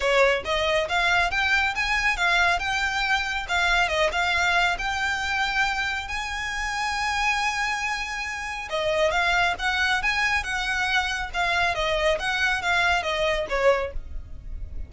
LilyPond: \new Staff \with { instrumentName = "violin" } { \time 4/4 \tempo 4 = 138 cis''4 dis''4 f''4 g''4 | gis''4 f''4 g''2 | f''4 dis''8 f''4. g''4~ | g''2 gis''2~ |
gis''1 | dis''4 f''4 fis''4 gis''4 | fis''2 f''4 dis''4 | fis''4 f''4 dis''4 cis''4 | }